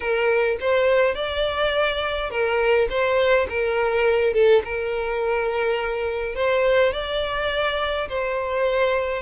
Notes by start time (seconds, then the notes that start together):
0.00 A#4
0.60 C5
1.14 D5
2.30 A#4
2.89 C5
3.49 A#4
4.33 A4
4.64 A#4
6.35 C5
6.93 D5
8.08 C5